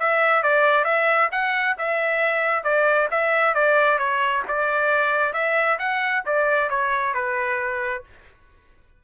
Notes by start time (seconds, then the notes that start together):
0.00 E5
0.43 D5
0.85 E5
1.32 F#5
1.78 E5
2.64 D5
3.11 E5
3.55 D5
3.99 C#5
4.48 D5
5.34 E5
5.79 F#5
6.26 D5
6.70 C#5
7.15 B4